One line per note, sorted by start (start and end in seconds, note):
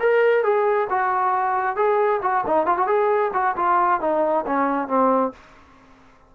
0.00 0.43 A#4
0.43 0.88 G#4
0.90 1.76 F#4
1.76 2.21 G#4
2.22 2.44 F#4
2.47 2.66 D#4
2.66 2.78 F4
2.78 2.87 F#4
2.87 3.32 G#4
3.34 3.56 F#4
3.56 4.01 F4
4.01 4.45 D#4
4.46 4.88 C#4
4.88 5.32 C4